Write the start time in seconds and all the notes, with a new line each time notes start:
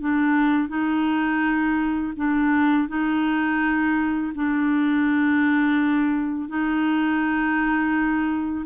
0.00 D4
0.68 D#4
2.16 D4
2.88 D#4
4.35 D4
6.48 D#4